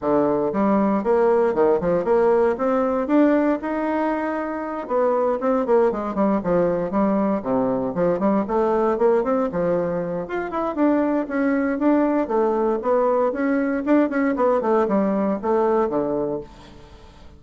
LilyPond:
\new Staff \with { instrumentName = "bassoon" } { \time 4/4 \tempo 4 = 117 d4 g4 ais4 dis8 f8 | ais4 c'4 d'4 dis'4~ | dis'4. b4 c'8 ais8 gis8 | g8 f4 g4 c4 f8 |
g8 a4 ais8 c'8 f4. | f'8 e'8 d'4 cis'4 d'4 | a4 b4 cis'4 d'8 cis'8 | b8 a8 g4 a4 d4 | }